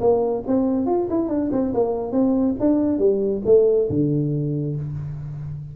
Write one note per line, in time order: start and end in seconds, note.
0.00 0.43 A#3
0.47 0.86 C4
0.86 1.08 F4
1.10 1.29 E4
1.29 1.50 D4
1.52 1.73 C4
1.74 2.12 A#3
2.12 2.55 C4
2.60 2.98 D4
2.98 3.42 G3
3.45 3.88 A3
3.89 4.76 D3